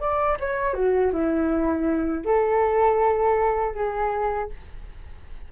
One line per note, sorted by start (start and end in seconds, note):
0.00 0.38 D5
0.40 0.74 C#5
0.74 1.11 F#4
1.12 2.25 E4
2.25 3.74 A4
3.74 4.49 G#4